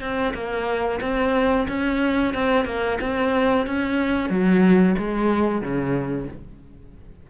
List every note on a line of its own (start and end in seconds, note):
0.00 0.33 C4
0.34 1.00 A#3
1.01 1.67 C4
1.68 2.34 C#4
2.34 2.65 C4
2.65 2.98 A#3
3.01 3.66 C4
3.66 4.30 C#4
4.30 4.96 F#3
4.98 5.62 G#3
5.62 6.28 C#3